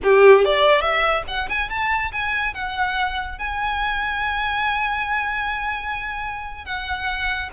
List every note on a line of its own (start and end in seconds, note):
0.03 0.45 G4
0.45 0.81 D5
0.81 1.23 E5
1.27 1.48 F#5
1.49 1.69 G#5
1.69 2.11 A5
2.11 2.54 G#5
2.54 3.38 F#5
3.38 6.65 G#5
6.65 7.49 F#5